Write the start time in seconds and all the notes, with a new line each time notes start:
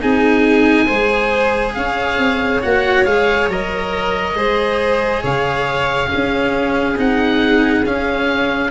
0.00 C4 D#4 G#4 G#5
0.86 G#3 G#4 C5
1.74 C#4 C#5 F5
2.18 C4
2.62 A#3 F#4 F#5
3.05 G#3 G#4 F5
3.48 F#3 A#4 D#5
4.35 G#3 G#4 C5
5.22 C#3 C#5 F5
6.08 C#4 G#4
6.14 C#4
6.97 C4 D#4 F#5
7.84 C#4 F5